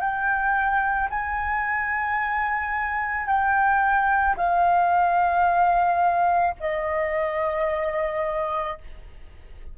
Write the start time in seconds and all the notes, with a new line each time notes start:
0.00 G5
1.10 G#5
3.27 G5
4.36 F5
6.60 D#5